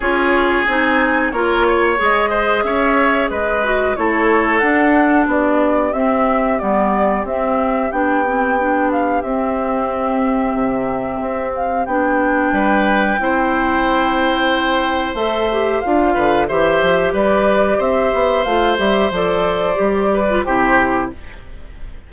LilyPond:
<<
  \new Staff \with { instrumentName = "flute" } { \time 4/4 \tempo 4 = 91 cis''4 gis''4 cis''4 dis''4 | e''4 dis''4 cis''4 fis''4 | d''4 e''4 d''4 e''4 | g''4. f''8 e''2~ |
e''4. f''8 g''2~ | g''2. e''4 | f''4 e''4 d''4 e''4 | f''8 e''8 d''2 c''4 | }
  \new Staff \with { instrumentName = "oboe" } { \time 4/4 gis'2 ais'8 cis''4 c''8 | cis''4 b'4 a'2 | g'1~ | g'1~ |
g'2. b'4 | c''1~ | c''8 b'8 c''4 b'4 c''4~ | c''2~ c''8 b'8 g'4 | }
  \new Staff \with { instrumentName = "clarinet" } { \time 4/4 f'4 dis'4 f'4 gis'4~ | gis'4. fis'8 e'4 d'4~ | d'4 c'4 b4 c'4 | d'8 c'8 d'4 c'2~ |
c'2 d'2 | e'2. a'8 g'8 | f'4 g'2. | f'8 g'8 a'4 g'8. f'16 e'4 | }
  \new Staff \with { instrumentName = "bassoon" } { \time 4/4 cis'4 c'4 ais4 gis4 | cis'4 gis4 a4 d'4 | b4 c'4 g4 c'4 | b2 c'2 |
c4 c'4 b4 g4 | c'2. a4 | d'8 d8 e8 f8 g4 c'8 b8 | a8 g8 f4 g4 c4 | }
>>